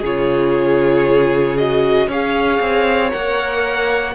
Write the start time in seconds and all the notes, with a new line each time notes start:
0.00 C#3 F4 G#4 C#5
1.58 F#4 D#5
2.08 C#4 G#4 C#5 F5
2.61 C4
3.10 A#3 A#4 F#5